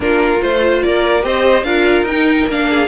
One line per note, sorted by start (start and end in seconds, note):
0.00 0.41 A#3
0.00 0.39 D4
0.00 0.84 F4
0.00 0.42 A#4
0.41 0.83 A3
0.41 1.21 F4
0.41 0.82 C5
0.82 1.24 A#3
0.82 1.24 A#4
0.82 1.24 D5
1.21 1.63 C4
1.21 1.63 G4
1.21 1.65 C5
1.21 1.63 D#5
1.63 2.02 D4
1.63 2.07 F4
1.63 2.68 A#4
1.63 2.04 F5
2.02 2.43 D#4
2.02 2.48 G5
2.11 2.50 D#4
2.47 2.87 A#3
2.47 2.87 D4
2.47 2.87 F5
2.69 2.87 G#4